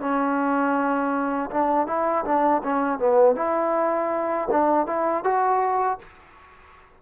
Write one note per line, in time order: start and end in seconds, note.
0.00 1.50 C#4
1.50 1.87 D4
1.87 2.24 E4
2.25 2.62 D4
2.63 2.99 C#4
2.99 3.36 B3
3.36 4.48 E4
4.51 4.86 D4
4.86 5.24 E4
5.24 5.99 F#4